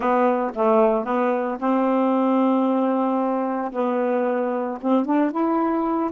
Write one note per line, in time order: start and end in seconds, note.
0.00 0.51 B3
0.54 1.04 A3
1.04 1.57 B3
1.59 3.71 C4
3.72 4.78 B3
4.81 5.05 C4
5.05 5.31 D4
5.31 6.11 E4